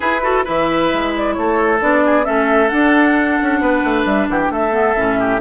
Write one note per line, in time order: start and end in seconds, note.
0.00 0.20 E4
0.00 0.46 E4
0.00 0.20 G#4
0.00 0.45 B4
0.22 0.44 F#4
0.22 0.44 A4
0.44 0.93 E3
0.44 1.79 E4
0.44 1.34 B4
0.44 1.14 E5
0.93 1.37 G#3
1.16 1.33 D5
1.33 1.81 A3
1.33 2.04 A4
1.33 1.78 C#5
1.80 2.27 B3
1.80 2.24 D4
1.80 2.24 D5
2.04 2.25 G#4
2.24 2.71 A3
2.24 2.69 C#4
2.24 3.60 A4
2.24 2.68 E5
2.68 4.71 D4
2.68 3.39 D4
2.68 4.03 F#5
3.42 3.60 C#4
3.60 3.82 B3
3.60 4.28 B4
3.84 4.05 A3
4.05 4.27 G3
4.05 4.27 E5
4.29 4.49 E3
4.29 4.52 G4
4.29 4.40 F#5
4.41 4.51 G5
4.49 4.94 A3
4.49 5.19 A4
4.49 5.40 E5
4.71 4.94 B3
4.96 5.40 A2
4.96 5.40 C#4
5.19 5.40 G4